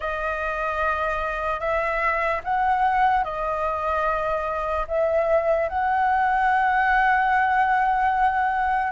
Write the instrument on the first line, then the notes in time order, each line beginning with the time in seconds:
flute
0.00 D#5
1.60 E5
2.44 F#5
3.24 D#5
4.87 E5
5.68 F#5